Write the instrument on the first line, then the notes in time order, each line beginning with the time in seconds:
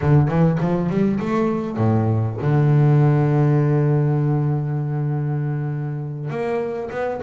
double bass
0.01 D3
0.28 E3
0.60 F3
0.89 G3
1.20 A3
1.76 A2
2.41 D3
6.29 A#3
6.91 B3